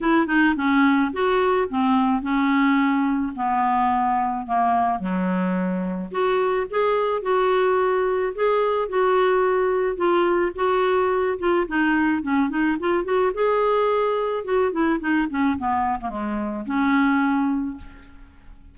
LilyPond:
\new Staff \with { instrumentName = "clarinet" } { \time 4/4 \tempo 4 = 108 e'8 dis'8 cis'4 fis'4 c'4 | cis'2 b2 | ais4 fis2 fis'4 | gis'4 fis'2 gis'4 |
fis'2 f'4 fis'4~ | fis'8 f'8 dis'4 cis'8 dis'8 f'8 fis'8 | gis'2 fis'8 e'8 dis'8 cis'8 | b8. ais16 gis4 cis'2 | }